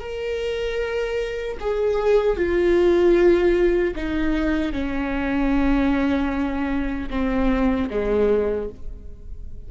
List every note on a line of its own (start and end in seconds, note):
0.00 1.58 A#4
1.60 2.36 G#4
2.36 3.94 F4
3.95 4.73 D#4
4.73 7.09 C#4
7.10 7.89 C4
7.90 8.69 G#3